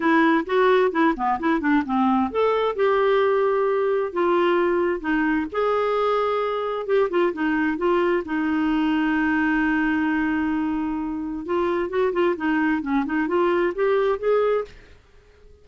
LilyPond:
\new Staff \with { instrumentName = "clarinet" } { \time 4/4 \tempo 4 = 131 e'4 fis'4 e'8 b8 e'8 d'8 | c'4 a'4 g'2~ | g'4 f'2 dis'4 | gis'2. g'8 f'8 |
dis'4 f'4 dis'2~ | dis'1~ | dis'4 f'4 fis'8 f'8 dis'4 | cis'8 dis'8 f'4 g'4 gis'4 | }